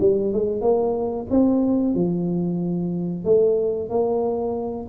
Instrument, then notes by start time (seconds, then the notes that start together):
tuba
0.00 G3
0.33 G#3
0.61 A#3
1.30 C4
1.94 F3
3.24 A3
3.89 A#3